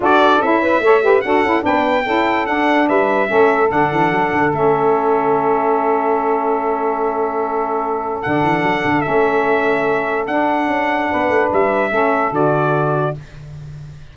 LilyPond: <<
  \new Staff \with { instrumentName = "trumpet" } { \time 4/4 \tempo 4 = 146 d''4 e''2 fis''4 | g''2 fis''4 e''4~ | e''4 fis''2 e''4~ | e''1~ |
e''1 | fis''2 e''2~ | e''4 fis''2. | e''2 d''2 | }
  \new Staff \with { instrumentName = "saxophone" } { \time 4/4 a'4. b'8 cis''8 b'8 a'4 | b'4 a'2 b'4 | a'1~ | a'1~ |
a'1~ | a'1~ | a'2. b'4~ | b'4 a'2. | }
  \new Staff \with { instrumentName = "saxophone" } { \time 4/4 fis'4 e'4 a'8 g'8 fis'8 e'8 | d'4 e'4 d'2 | cis'4 d'2 cis'4~ | cis'1~ |
cis'1 | d'2 cis'2~ | cis'4 d'2.~ | d'4 cis'4 fis'2 | }
  \new Staff \with { instrumentName = "tuba" } { \time 4/4 d'4 cis'4 a4 d'8 cis'8 | b4 cis'4 d'4 g4 | a4 d8 e8 fis8 d8 a4~ | a1~ |
a1 | d8 e8 fis8 d8 a2~ | a4 d'4 cis'4 b8 a8 | g4 a4 d2 | }
>>